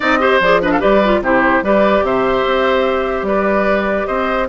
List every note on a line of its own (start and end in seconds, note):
0.00 0.39 C4
0.00 0.19 D#4
0.00 0.18 D5
0.00 0.41 D#5
0.19 0.40 G4
0.19 0.61 C5
0.39 0.80 F3
0.39 0.62 G#4
0.39 0.61 D5
0.62 0.80 D4
0.62 0.71 B4
0.62 0.71 D#5
0.71 0.79 A4
0.71 0.81 F5
0.79 1.21 G3
0.79 1.01 G4
0.79 1.20 B4
0.79 1.22 D5
1.04 1.23 F4
1.21 1.62 C3
1.21 1.64 E4
1.21 1.64 G4
1.21 1.65 C5
1.62 2.02 G3
1.62 4.48 G4
1.62 2.05 B4
1.62 2.04 D5
2.02 2.43 C3
2.02 3.27 C5
2.02 3.27 E5
2.45 3.22 C4
3.22 4.04 G3
3.22 4.07 B4
3.22 4.06 D5
4.06 4.48 C4
4.06 4.48 C5
4.06 4.47 D#5